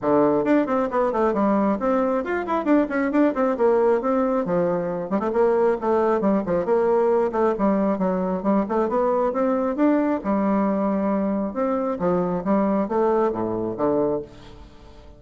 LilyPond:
\new Staff \with { instrumentName = "bassoon" } { \time 4/4 \tempo 4 = 135 d4 d'8 c'8 b8 a8 g4 | c'4 f'8 e'8 d'8 cis'8 d'8 c'8 | ais4 c'4 f4. g16 a16 | ais4 a4 g8 f8 ais4~ |
ais8 a8 g4 fis4 g8 a8 | b4 c'4 d'4 g4~ | g2 c'4 f4 | g4 a4 a,4 d4 | }